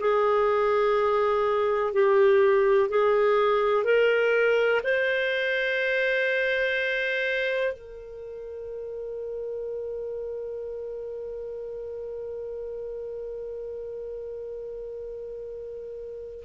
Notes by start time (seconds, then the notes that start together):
0.00 G#4
1.94 G4
2.89 G#4
3.84 A#4
4.84 C5
7.73 A#4